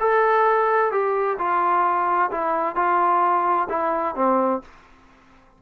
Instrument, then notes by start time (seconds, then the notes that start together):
trombone
0.00 A4
0.91 G4
1.38 F4
2.31 E4
2.76 F4
3.69 E4
4.15 C4